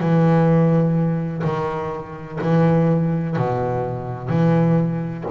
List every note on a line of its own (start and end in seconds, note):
0.00 1.43 E3
1.44 2.39 D#3
2.41 3.36 E3
3.36 4.29 B2
4.29 5.24 E3